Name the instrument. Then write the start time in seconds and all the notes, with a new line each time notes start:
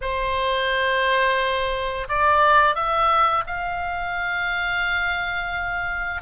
oboe
0.01 C5
2.08 D5
2.75 E5
3.46 F5